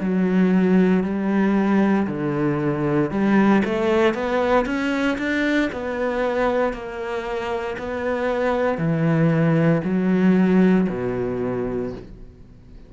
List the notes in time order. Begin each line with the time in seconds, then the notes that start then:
0.00 F#3
1.03 G3
2.07 D3
3.11 G3
3.65 A3
4.14 B3
4.66 C#4
5.18 D4
5.72 B3
6.73 A#3
7.78 B3
8.78 E3
9.84 F#3
10.89 B2